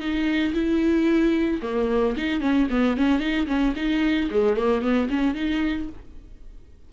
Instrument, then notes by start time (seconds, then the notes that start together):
viola
0.00 D#4
0.54 E4
1.62 A#3
2.17 D#4
2.41 C#4
2.70 B3
2.97 C#4
3.20 D#4
3.47 C#4
3.76 D#4
4.31 G#3
4.57 A#3
4.82 B3
5.10 C#4
5.35 D#4